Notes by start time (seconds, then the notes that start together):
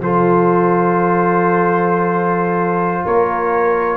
0.00 F3 F4 A4 C5
3.05 A#3 A#4 C#5